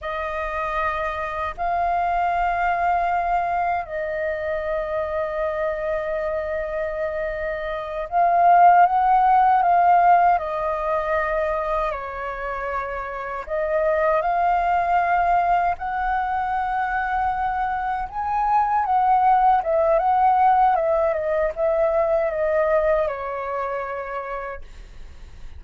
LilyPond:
\new Staff \with { instrumentName = "flute" } { \time 4/4 \tempo 4 = 78 dis''2 f''2~ | f''4 dis''2.~ | dis''2~ dis''8 f''4 fis''8~ | fis''8 f''4 dis''2 cis''8~ |
cis''4. dis''4 f''4.~ | f''8 fis''2. gis''8~ | gis''8 fis''4 e''8 fis''4 e''8 dis''8 | e''4 dis''4 cis''2 | }